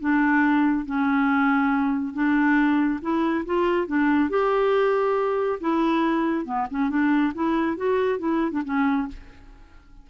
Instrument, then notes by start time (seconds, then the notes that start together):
clarinet
0.00 D4
0.86 C#4
2.14 D4
3.02 E4
3.46 F4
3.87 D4
4.30 G4
5.60 E4
6.45 B3
6.70 C#4
6.90 D4
7.35 E4
7.77 F#4
8.19 E4
8.51 D4
8.65 C#4